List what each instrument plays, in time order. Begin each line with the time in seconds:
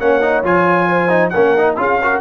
0.00 tuba A#3, trombone C#4, horn C#5, trumpet F#5
0.21 trombone D#4
0.44 tuba F3, trombone F4, trumpet G#5
0.89 horn C5
1.09 trombone D#4
1.30 tuba A#3, horn A#4, trumpet F#5
1.36 trombone C#4
1.58 trombone D#4
1.77 tuba C#4, trombone F4, horn G#4, trumpet F5
2.03 trombone F#4, horn A#4